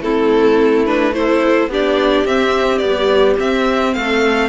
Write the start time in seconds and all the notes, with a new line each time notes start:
0.00 A3 C4 E4 A4
0.86 D4 B4
1.13 E4 A4 C5
1.67 B3 D4 G4
1.74 D5
2.25 C4 E5
2.78 B3 D5
2.84 G3
3.39 C4 E5
3.94 A3 A4 F5